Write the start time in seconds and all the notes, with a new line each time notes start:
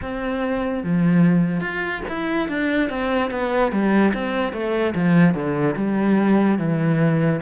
0.01 C4
0.83 F3
1.60 F4
2.08 E4
2.48 D4
2.89 C4
3.31 B3
3.71 G3
4.14 C4
4.52 A3
4.94 F3
5.34 D3
5.76 G3
6.58 E3